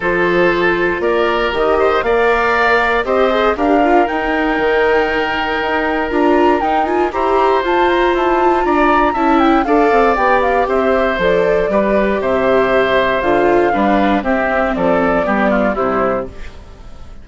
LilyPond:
<<
  \new Staff \with { instrumentName = "flute" } { \time 4/4 \tempo 4 = 118 c''2 d''4 dis''4 | f''2 dis''4 f''4 | g''1 | ais''4 g''8 gis''8 ais''4 a''8 ais''8 |
a''4 ais''4 a''8 g''8 f''4 | g''8 f''8 e''4 d''2 | e''2 f''2 | e''4 d''2 c''4 | }
  \new Staff \with { instrumentName = "oboe" } { \time 4/4 a'2 ais'4. c''8 | d''2 c''4 ais'4~ | ais'1~ | ais'2 c''2~ |
c''4 d''4 e''4 d''4~ | d''4 c''2 b'4 | c''2. b'4 | g'4 a'4 g'8 f'8 e'4 | }
  \new Staff \with { instrumentName = "viola" } { \time 4/4 f'2. g'4 | ais'2 g'8 gis'8 g'8 f'8 | dis'1 | f'4 dis'8 f'8 g'4 f'4~ |
f'2 e'4 a'4 | g'2 a'4 g'4~ | g'2 f'4 d'4 | c'2 b4 g4 | }
  \new Staff \with { instrumentName = "bassoon" } { \time 4/4 f2 ais4 dis4 | ais2 c'4 d'4 | dis'4 dis2 dis'4 | d'4 dis'4 e'4 f'4 |
e'4 d'4 cis'4 d'8 c'8 | b4 c'4 f4 g4 | c2 d4 g4 | c'4 f4 g4 c4 | }
>>